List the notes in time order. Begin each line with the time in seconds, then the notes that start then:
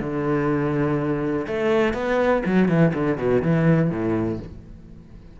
0.00 D3
1.47 A3
1.94 B3
2.46 F#3
2.69 E3
2.94 D3
3.18 B2
3.42 E3
3.90 A2